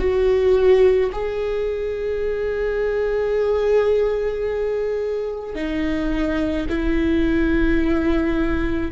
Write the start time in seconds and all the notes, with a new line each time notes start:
0.00 F#4
1.13 G#4
5.56 D#4
6.69 E4